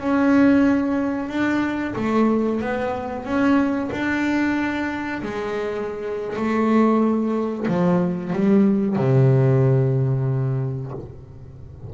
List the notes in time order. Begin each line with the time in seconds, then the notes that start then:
0.00 C#4
1.29 D4
1.95 A3
2.61 B3
3.25 C#4
3.92 D4
5.22 G#3
6.36 A3
7.68 F3
8.32 G3
8.96 C3